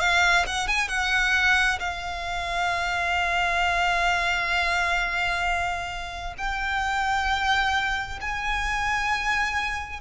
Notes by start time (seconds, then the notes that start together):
0.00 F5
0.46 F#5
0.68 G#5
0.88 F#5
1.79 F5
6.38 G5
8.21 G#5